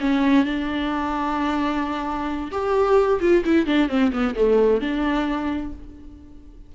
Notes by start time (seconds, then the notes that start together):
0.00 C#4
0.45 D4
2.51 G4
3.20 F4
3.45 E4
3.66 D4
3.88 C4
4.12 B3
4.35 A3
4.81 D4